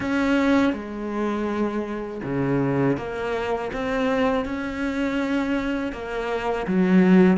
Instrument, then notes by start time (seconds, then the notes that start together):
cello
0.00 C#4
0.73 G#3
2.23 C#3
2.97 A#3
3.72 C4
4.45 C#4
5.92 A#3
6.67 F#3